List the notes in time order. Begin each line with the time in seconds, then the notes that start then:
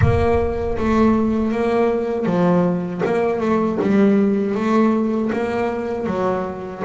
0.01 A#3
0.77 A3
1.51 A#3
2.25 F3
3.05 A#3
3.40 A3
3.81 G3
4.55 A3
5.32 A#3
6.06 F#3